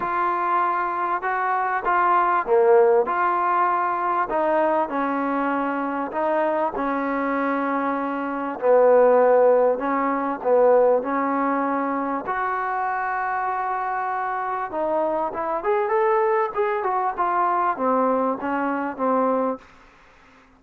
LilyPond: \new Staff \with { instrumentName = "trombone" } { \time 4/4 \tempo 4 = 98 f'2 fis'4 f'4 | ais4 f'2 dis'4 | cis'2 dis'4 cis'4~ | cis'2 b2 |
cis'4 b4 cis'2 | fis'1 | dis'4 e'8 gis'8 a'4 gis'8 fis'8 | f'4 c'4 cis'4 c'4 | }